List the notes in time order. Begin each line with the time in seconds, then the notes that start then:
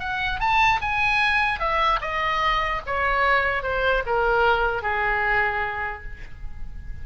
0.00 F#5
0.40 A5
0.81 G#5
1.60 E5
2.02 D#5
2.87 C#5
3.63 C5
4.06 A#4
4.83 G#4